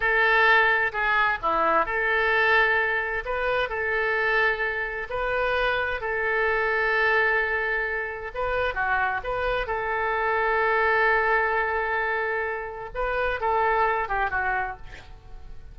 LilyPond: \new Staff \with { instrumentName = "oboe" } { \time 4/4 \tempo 4 = 130 a'2 gis'4 e'4 | a'2. b'4 | a'2. b'4~ | b'4 a'2.~ |
a'2 b'4 fis'4 | b'4 a'2.~ | a'1 | b'4 a'4. g'8 fis'4 | }